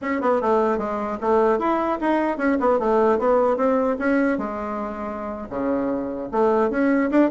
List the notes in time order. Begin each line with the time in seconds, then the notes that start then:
0.01 C#4
0.21 B3
0.41 A3
0.78 G#3
1.20 A3
1.58 E4
2.01 D#4
2.37 C#4
2.60 B3
2.79 A3
3.18 B3
3.57 C4
3.98 C#4
4.38 G#3
5.49 C#3
6.31 A3
6.70 C#4
7.10 D4